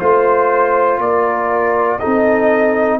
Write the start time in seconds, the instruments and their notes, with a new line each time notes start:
0.00 tuba A3, trombone F4, trumpet C5, horn C5
0.99 tuba A#3, horn A#4, trumpet D5
2.00 tuba C4, trombone D#4, horn A4, trumpet D#5